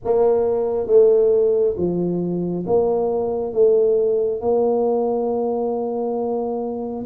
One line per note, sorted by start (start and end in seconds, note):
0.04 0.86 A#3
0.86 1.74 A3
1.76 2.65 F3
2.66 3.53 A#3
3.53 4.40 A3
4.40 7.05 A#3